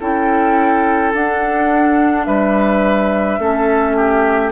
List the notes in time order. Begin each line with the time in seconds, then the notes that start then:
0.00 C#4 E4 A4 G5
1.14 D4 F#5
2.24 G3 B4 E5
3.38 A3 C#4 A4
3.96 G4